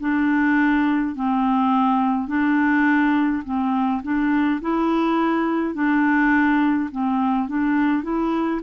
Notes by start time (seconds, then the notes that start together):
0.00 D4
1.15 C4
2.28 D4
3.45 C4
4.02 D4
4.61 E4
5.74 D4
6.91 C4
7.48 D4
8.03 E4